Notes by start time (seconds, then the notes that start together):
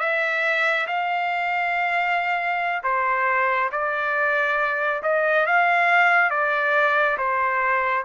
0.00 E5
0.87 F5
2.84 C5
3.72 D5
5.03 D#5
5.46 F5
6.30 D5
7.18 C5